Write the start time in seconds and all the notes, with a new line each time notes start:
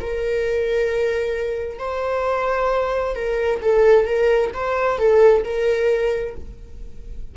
0.00 A#4
1.79 C5
3.15 A#4
3.62 A4
4.05 A#4
4.53 C5
4.98 A4
5.43 A#4